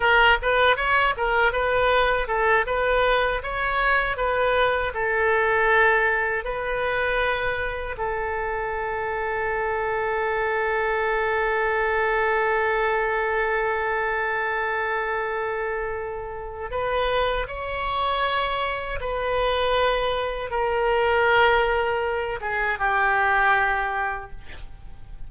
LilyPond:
\new Staff \with { instrumentName = "oboe" } { \time 4/4 \tempo 4 = 79 ais'8 b'8 cis''8 ais'8 b'4 a'8 b'8~ | b'8 cis''4 b'4 a'4.~ | a'8 b'2 a'4.~ | a'1~ |
a'1~ | a'2 b'4 cis''4~ | cis''4 b'2 ais'4~ | ais'4. gis'8 g'2 | }